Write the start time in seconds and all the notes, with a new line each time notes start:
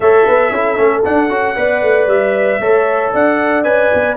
0.00 A3 A4 C#5 E5
0.26 B3 B4
0.51 C#4 E4 A4
0.76 A3 C#4
1.04 D4 F#5
1.29 C#4 F#4
1.56 B3 B4 D5
1.82 A3
2.06 G3 E5
2.59 A3 A4 C#5
3.13 D4 D5 F#5
3.63 C#4 B4 G#5
3.94 B3